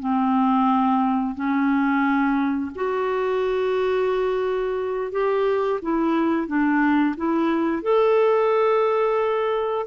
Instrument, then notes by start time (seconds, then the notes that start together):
clarinet
0.00 C4
1.35 C#4
2.75 F#4
5.12 G4
5.82 E4
6.47 D4
7.17 E4
7.83 A4